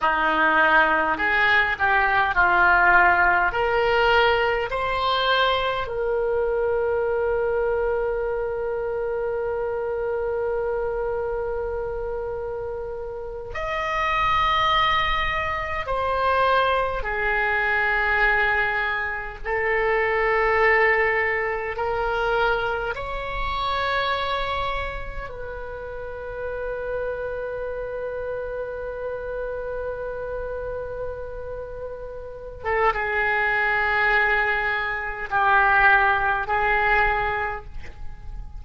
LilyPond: \new Staff \with { instrumentName = "oboe" } { \time 4/4 \tempo 4 = 51 dis'4 gis'8 g'8 f'4 ais'4 | c''4 ais'2.~ | ais'2.~ ais'8 dis''8~ | dis''4. c''4 gis'4.~ |
gis'8 a'2 ais'4 cis''8~ | cis''4. b'2~ b'8~ | b'2.~ b'8. a'16 | gis'2 g'4 gis'4 | }